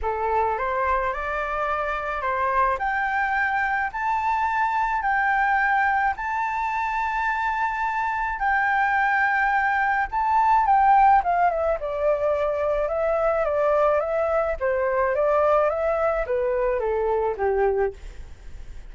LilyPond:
\new Staff \with { instrumentName = "flute" } { \time 4/4 \tempo 4 = 107 a'4 c''4 d''2 | c''4 g''2 a''4~ | a''4 g''2 a''4~ | a''2. g''4~ |
g''2 a''4 g''4 | f''8 e''8 d''2 e''4 | d''4 e''4 c''4 d''4 | e''4 b'4 a'4 g'4 | }